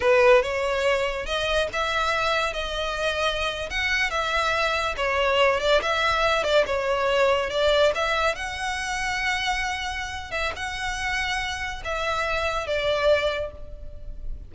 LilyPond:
\new Staff \with { instrumentName = "violin" } { \time 4/4 \tempo 4 = 142 b'4 cis''2 dis''4 | e''2 dis''2~ | dis''8. fis''4 e''2 cis''16~ | cis''4~ cis''16 d''8 e''4. d''8 cis''16~ |
cis''4.~ cis''16 d''4 e''4 fis''16~ | fis''1~ | fis''8 e''8 fis''2. | e''2 d''2 | }